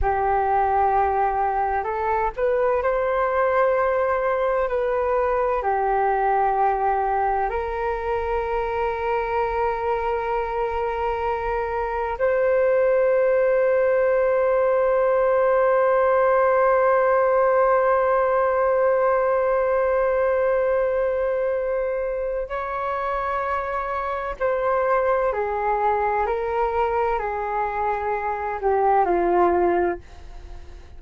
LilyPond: \new Staff \with { instrumentName = "flute" } { \time 4/4 \tempo 4 = 64 g'2 a'8 b'8 c''4~ | c''4 b'4 g'2 | ais'1~ | ais'4 c''2.~ |
c''1~ | c''1 | cis''2 c''4 gis'4 | ais'4 gis'4. g'8 f'4 | }